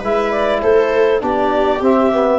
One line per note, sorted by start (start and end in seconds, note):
0.00 0.63 G#3
0.00 1.21 E4
0.00 0.59 B4
0.00 0.32 E5
0.32 0.62 D5
0.62 1.22 A3
0.62 1.22 A4
0.62 1.21 C5
1.21 1.81 B3
1.21 1.80 D4
1.21 2.39 G4
1.21 1.83 D5
1.81 2.39 C4
1.81 2.12 C4
1.81 2.39 E5
2.12 2.39 B3